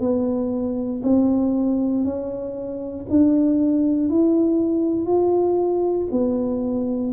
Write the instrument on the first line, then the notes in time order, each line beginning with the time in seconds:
tuba
0.00 B3
1.03 C4
2.04 C#4
3.10 D4
4.10 E4
5.06 F4
6.11 B3